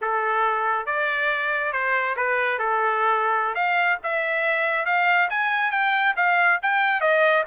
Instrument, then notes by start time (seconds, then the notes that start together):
trumpet
0.01 A4
0.86 D5
1.72 C5
2.16 B4
2.58 A4
3.54 F5
4.03 E5
4.85 F5
5.29 G#5
5.71 G5
6.16 F5
6.62 G5
7.00 D#5